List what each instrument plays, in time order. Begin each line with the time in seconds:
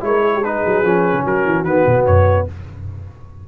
0.00 tuba G#3, trombone E4, trumpet C#5
0.06 horn A#4
0.21 horn G#4
0.34 horn G4
0.44 trombone D#4, horn G#4, trumpet B4
0.65 tuba F#3
0.83 tuba F3, trombone C#4
1.13 tuba C#3
1.24 tuba F#3, horn F#4, trumpet A#4
1.45 tuba E3
1.64 tuba D#3, trombone B3, trumpet B4
1.86 tuba B2
2.06 tuba F#2, trumpet C#5